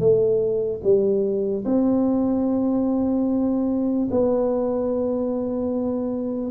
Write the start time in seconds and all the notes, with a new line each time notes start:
0.00 A3
0.84 G3
1.65 C4
4.11 B3